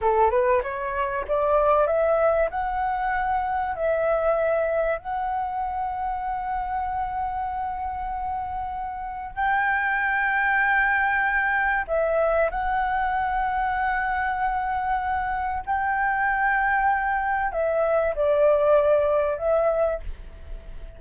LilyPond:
\new Staff \with { instrumentName = "flute" } { \time 4/4 \tempo 4 = 96 a'8 b'8 cis''4 d''4 e''4 | fis''2 e''2 | fis''1~ | fis''2. g''4~ |
g''2. e''4 | fis''1~ | fis''4 g''2. | e''4 d''2 e''4 | }